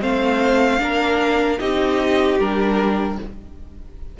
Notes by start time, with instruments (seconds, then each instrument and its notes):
0.00 cello A3, viola C4, violin C5 F5
0.79 cello A#3, viola D4, violin A#4
1.59 cello C4, viola D#4, violin G4 D#5
2.39 cello G3, viola D4, violin A#4